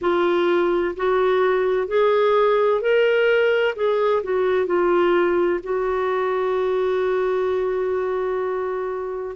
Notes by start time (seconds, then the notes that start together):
0.01 F4
0.96 F#4
1.87 G#4
2.81 A#4
3.75 G#4
4.23 F#4
4.66 F4
5.62 F#4